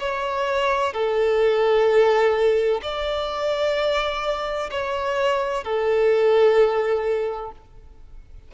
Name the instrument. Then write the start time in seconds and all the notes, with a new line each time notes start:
violin
0.00 C#5
0.94 A4
2.83 D5
4.71 C#5
5.65 A4